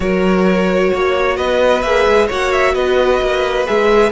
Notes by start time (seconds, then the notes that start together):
0.00 F#3 F#4 A#4 C#5
0.93 A#3 C#5
1.36 B3 B4 D#5
1.82 A#3 G#4 E5
2.07 G#3
2.26 A#3 F#4 C#5 F#5
2.52 E5
2.74 B3 B4 D#5
3.21 A#3
3.66 G#3 G#4 E5